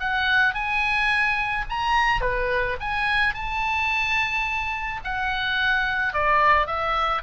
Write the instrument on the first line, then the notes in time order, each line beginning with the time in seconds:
oboe
0.00 F#5
0.54 G#5
1.70 A#5
2.21 B4
2.80 G#5
3.34 A5
5.05 F#5
6.14 D5
6.67 E5